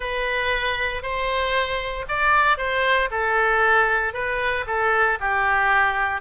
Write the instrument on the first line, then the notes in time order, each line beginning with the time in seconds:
oboe
0.00 B4
1.02 C5
2.08 D5
2.57 C5
3.11 A4
4.13 B4
4.67 A4
5.20 G4